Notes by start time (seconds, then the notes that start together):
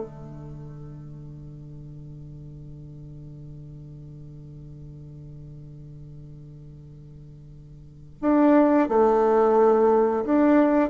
0.00 D3
8.21 D4
8.88 A3
10.25 D4